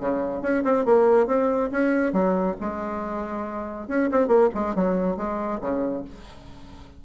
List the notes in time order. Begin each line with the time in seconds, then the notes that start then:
0.00 C#3
0.42 C#4
0.64 C4
0.85 A#3
1.27 C4
1.72 C#4
2.13 F#3
2.60 G#3
3.88 C#4
4.12 C4
4.28 A#3
4.55 G#3
4.75 F#3
5.17 G#3
5.61 C#3